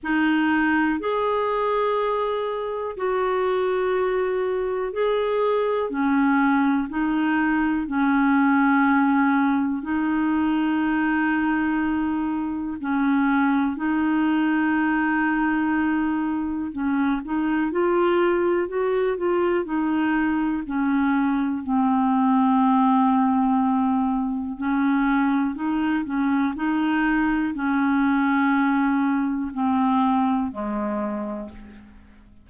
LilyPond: \new Staff \with { instrumentName = "clarinet" } { \time 4/4 \tempo 4 = 61 dis'4 gis'2 fis'4~ | fis'4 gis'4 cis'4 dis'4 | cis'2 dis'2~ | dis'4 cis'4 dis'2~ |
dis'4 cis'8 dis'8 f'4 fis'8 f'8 | dis'4 cis'4 c'2~ | c'4 cis'4 dis'8 cis'8 dis'4 | cis'2 c'4 gis4 | }